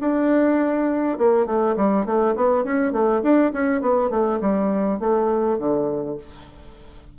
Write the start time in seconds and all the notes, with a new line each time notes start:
0.00 D4
1.18 A#3
1.46 A3
1.76 G3
2.05 A3
2.35 B3
2.63 C#4
2.92 A3
3.22 D4
3.52 C#4
3.81 B3
4.10 A3
4.40 G3
4.99 A3
5.58 D3